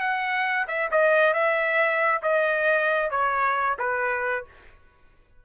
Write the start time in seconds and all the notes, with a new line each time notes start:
0.00 F#5
0.68 E5
0.91 D#5
1.34 E5
2.23 D#5
3.11 C#5
3.79 B4